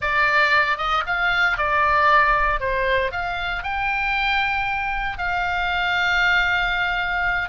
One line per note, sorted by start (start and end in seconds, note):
0.01 0.77 D5
0.77 1.03 D#5
1.06 1.57 F5
1.57 2.60 D5
2.60 3.11 C5
3.11 3.63 F5
3.63 5.17 G5
5.17 7.49 F5